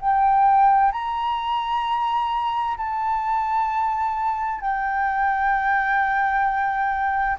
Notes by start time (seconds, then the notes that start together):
0.00 G5
0.92 A#5
2.77 A5
4.61 G5